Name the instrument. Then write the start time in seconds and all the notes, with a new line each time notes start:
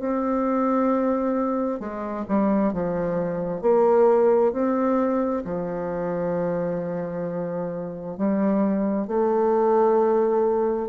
bassoon
0.00 C4
1.80 G#3
2.29 G3
2.74 F3
3.62 A#3
4.53 C4
5.45 F3
8.18 G3
9.08 A3